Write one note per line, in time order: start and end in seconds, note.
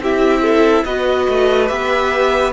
0.00 0.85 C4
0.00 0.87 E4
0.00 0.43 G4
0.00 0.85 E5
0.43 0.85 A4
0.85 1.28 B3
0.85 1.69 F#4
0.85 2.53 B4
0.85 1.68 D#5
1.29 1.71 A3
1.68 2.53 B3
1.68 2.53 G4
1.68 2.53 E5